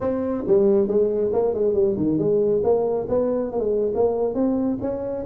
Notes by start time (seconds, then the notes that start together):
0.00 C4
0.47 G3
0.87 G#3
1.33 A#3
1.54 G#3
1.74 G3
1.96 D#3
2.18 G#3
2.63 A#3
3.09 B3
3.51 A#3
3.59 G#3
3.94 A#3
4.34 C4
4.81 C#4